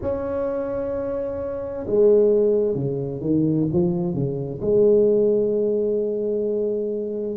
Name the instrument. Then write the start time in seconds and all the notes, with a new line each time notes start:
tuba
0.01 C#4
1.86 G#3
2.74 C#3
3.21 D#3
3.72 F3
4.13 C#3
4.61 G#3